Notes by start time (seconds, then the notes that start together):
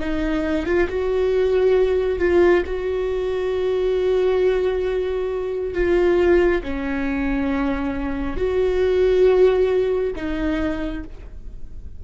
0.00 D#4
0.66 F4
0.89 F#4
2.19 F4
2.66 F#4
5.74 F4
6.63 C#4
8.37 F#4
10.16 D#4